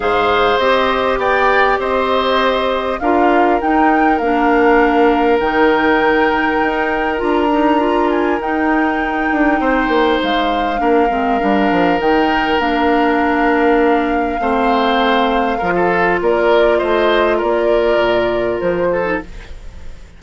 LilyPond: <<
  \new Staff \with { instrumentName = "flute" } { \time 4/4 \tempo 4 = 100 f''4 dis''4 g''4 dis''4~ | dis''4 f''4 g''4 f''4~ | f''4 g''2. | ais''4. gis''8 g''2~ |
g''4 f''2. | g''4 f''2.~ | f''2. d''4 | dis''4 d''2 c''4 | }
  \new Staff \with { instrumentName = "oboe" } { \time 4/4 c''2 d''4 c''4~ | c''4 ais'2.~ | ais'1~ | ais'1 |
c''2 ais'2~ | ais'1 | c''2 ais'16 a'8. ais'4 | c''4 ais'2~ ais'8 a'8 | }
  \new Staff \with { instrumentName = "clarinet" } { \time 4/4 gis'4 g'2.~ | g'4 f'4 dis'4 d'4~ | d'4 dis'2. | f'8 dis'8 f'4 dis'2~ |
dis'2 d'8 c'8 d'4 | dis'4 d'2. | c'2 f'2~ | f'2.~ f'8. dis'16 | }
  \new Staff \with { instrumentName = "bassoon" } { \time 4/4 gis,4 c'4 b4 c'4~ | c'4 d'4 dis'4 ais4~ | ais4 dis2 dis'4 | d'2 dis'4. d'8 |
c'8 ais8 gis4 ais8 gis8 g8 f8 | dis4 ais2. | a2 f4 ais4 | a4 ais4 ais,4 f4 | }
>>